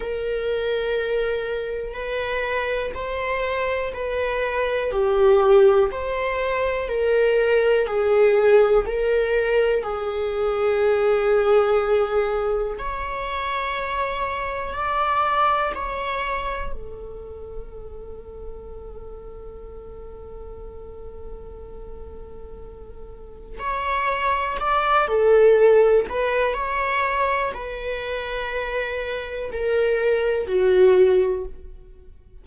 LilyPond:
\new Staff \with { instrumentName = "viola" } { \time 4/4 \tempo 4 = 61 ais'2 b'4 c''4 | b'4 g'4 c''4 ais'4 | gis'4 ais'4 gis'2~ | gis'4 cis''2 d''4 |
cis''4 a'2.~ | a'1 | cis''4 d''8 a'4 b'8 cis''4 | b'2 ais'4 fis'4 | }